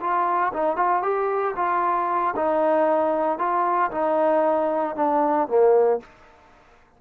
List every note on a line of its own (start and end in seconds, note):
0.00 0.52 F4
0.53 0.76 D#4
0.76 1.02 F4
1.02 1.54 G4
1.56 2.34 F4
2.35 3.38 D#4
3.38 3.90 F4
3.91 4.95 D#4
4.95 5.47 D4
5.48 6.00 A#3